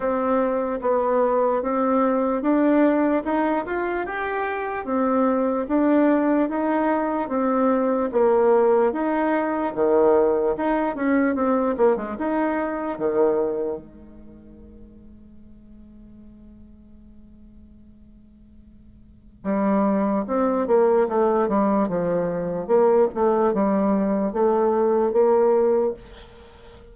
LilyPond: \new Staff \with { instrumentName = "bassoon" } { \time 4/4 \tempo 4 = 74 c'4 b4 c'4 d'4 | dis'8 f'8 g'4 c'4 d'4 | dis'4 c'4 ais4 dis'4 | dis4 dis'8 cis'8 c'8 ais16 gis16 dis'4 |
dis4 gis2.~ | gis1 | g4 c'8 ais8 a8 g8 f4 | ais8 a8 g4 a4 ais4 | }